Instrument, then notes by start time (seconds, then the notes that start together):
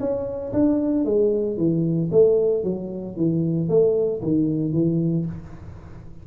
tuba
0.00 C#4
0.53 D4
1.05 G#3
1.57 E3
2.11 A3
2.64 F#3
3.16 E3
3.69 A3
4.22 D#3
4.73 E3